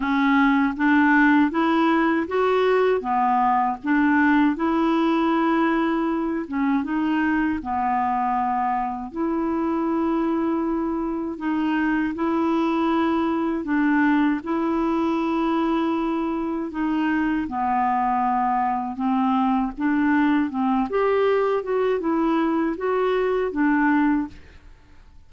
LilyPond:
\new Staff \with { instrumentName = "clarinet" } { \time 4/4 \tempo 4 = 79 cis'4 d'4 e'4 fis'4 | b4 d'4 e'2~ | e'8 cis'8 dis'4 b2 | e'2. dis'4 |
e'2 d'4 e'4~ | e'2 dis'4 b4~ | b4 c'4 d'4 c'8 g'8~ | g'8 fis'8 e'4 fis'4 d'4 | }